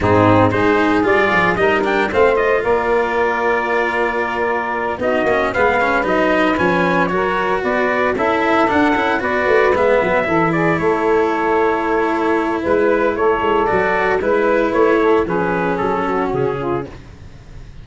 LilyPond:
<<
  \new Staff \with { instrumentName = "trumpet" } { \time 4/4 \tempo 4 = 114 gis'4 c''4 d''4 dis''8 g''8 | f''8 dis''8 d''2.~ | d''4. dis''4 f''4 dis''8~ | dis''8 gis''4 cis''4 d''4 e''8~ |
e''8 fis''4 d''4 e''4. | d''8 cis''2.~ cis''8 | b'4 cis''4 d''4 b'4 | cis''4 b'4 a'4 gis'4 | }
  \new Staff \with { instrumentName = "saxophone" } { \time 4/4 dis'4 gis'2 ais'4 | c''4 ais'2.~ | ais'4. fis'4 b'4.~ | b'4. ais'4 b'4 a'8~ |
a'4. b'2 a'8 | gis'8 a'2.~ a'8 | b'4 a'2 b'4~ | b'8 a'8 gis'4. fis'4 f'8 | }
  \new Staff \with { instrumentName = "cello" } { \time 4/4 c'4 dis'4 f'4 dis'8 d'8 | c'8 f'2.~ f'8~ | f'4. dis'8 cis'8 b8 cis'8 dis'8~ | dis'8 cis'4 fis'2 e'8~ |
e'8 d'8 e'8 fis'4 b4 e'8~ | e'1~ | e'2 fis'4 e'4~ | e'4 cis'2. | }
  \new Staff \with { instrumentName = "tuba" } { \time 4/4 gis,4 gis4 g8 f8 g4 | a4 ais2.~ | ais4. b8 ais8 gis4 fis8~ | fis8 f4 fis4 b4 cis'8~ |
cis'8 d'8 cis'8 b8 a8 gis8 fis8 e8~ | e8 a2.~ a8 | gis4 a8 gis8 fis4 gis4 | a4 f4 fis4 cis4 | }
>>